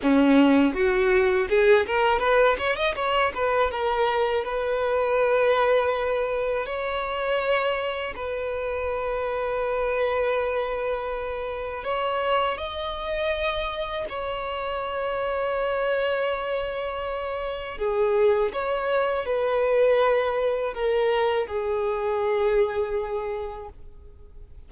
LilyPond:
\new Staff \with { instrumentName = "violin" } { \time 4/4 \tempo 4 = 81 cis'4 fis'4 gis'8 ais'8 b'8 cis''16 dis''16 | cis''8 b'8 ais'4 b'2~ | b'4 cis''2 b'4~ | b'1 |
cis''4 dis''2 cis''4~ | cis''1 | gis'4 cis''4 b'2 | ais'4 gis'2. | }